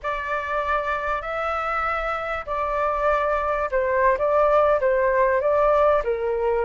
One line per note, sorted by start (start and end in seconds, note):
0.03 1.21 D5
1.21 2.45 E5
2.45 3.69 D5
3.71 4.17 C5
4.18 4.79 D5
4.80 5.40 C5
5.40 6.02 D5
6.04 6.65 A#4